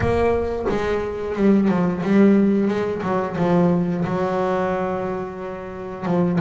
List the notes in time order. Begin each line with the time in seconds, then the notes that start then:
0.00 A#3
0.69 G#3
1.35 G3
1.68 F3
2.02 G3
2.68 G#3
3.02 F#3
3.36 F3
4.04 F#3
6.05 F3